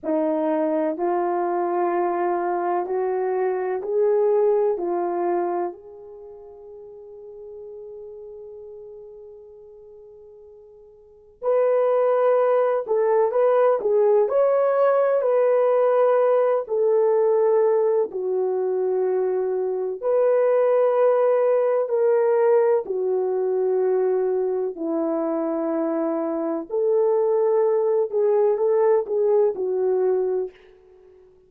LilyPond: \new Staff \with { instrumentName = "horn" } { \time 4/4 \tempo 4 = 63 dis'4 f'2 fis'4 | gis'4 f'4 gis'2~ | gis'1 | b'4. a'8 b'8 gis'8 cis''4 |
b'4. a'4. fis'4~ | fis'4 b'2 ais'4 | fis'2 e'2 | a'4. gis'8 a'8 gis'8 fis'4 | }